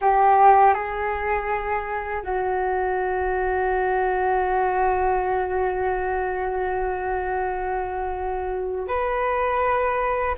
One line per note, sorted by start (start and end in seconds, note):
0.01 0.73 G4
0.73 2.22 G#4
2.22 8.87 F#4
8.87 10.35 B4